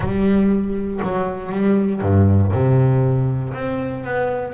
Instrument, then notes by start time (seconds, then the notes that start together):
double bass
0.00 G3
1.02 F#3
1.51 G3
2.01 G2
2.52 C3
3.53 C4
4.04 B3